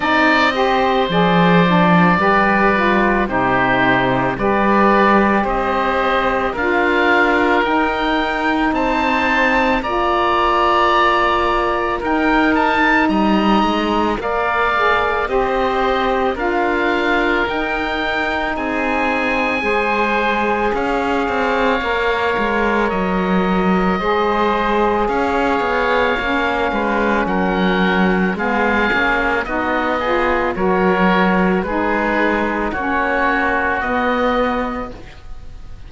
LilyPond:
<<
  \new Staff \with { instrumentName = "oboe" } { \time 4/4 \tempo 4 = 55 dis''4 d''2 c''4 | d''4 dis''4 f''4 g''4 | a''4 ais''2 g''8 a''8 | ais''4 f''4 dis''4 f''4 |
g''4 gis''2 f''4~ | f''4 dis''2 f''4~ | f''4 fis''4 f''4 dis''4 | cis''4 b'4 cis''4 dis''4 | }
  \new Staff \with { instrumentName = "oboe" } { \time 4/4 d''8 c''4. b'4 g'4 | b'4 c''4 ais'2 | c''4 d''2 ais'4 | dis''4 d''4 c''4 ais'4~ |
ais'4 gis'4 c''4 cis''4~ | cis''2 c''4 cis''4~ | cis''8 b'8 ais'4 gis'4 fis'8 gis'8 | ais'4 gis'4 fis'2 | }
  \new Staff \with { instrumentName = "saxophone" } { \time 4/4 dis'8 g'8 gis'8 d'8 g'8 f'8 dis'4 | g'2 f'4 dis'4~ | dis'4 f'2 dis'4~ | dis'4 ais'8 gis'8 g'4 f'4 |
dis'2 gis'2 | ais'2 gis'2 | cis'2 b8 cis'8 dis'8 f'8 | fis'4 dis'4 cis'4 b4 | }
  \new Staff \with { instrumentName = "cello" } { \time 4/4 c'4 f4 g4 c4 | g4 c'4 d'4 dis'4 | c'4 ais2 dis'4 | g8 gis8 ais4 c'4 d'4 |
dis'4 c'4 gis4 cis'8 c'8 | ais8 gis8 fis4 gis4 cis'8 b8 | ais8 gis8 fis4 gis8 ais8 b4 | fis4 gis4 ais4 b4 | }
>>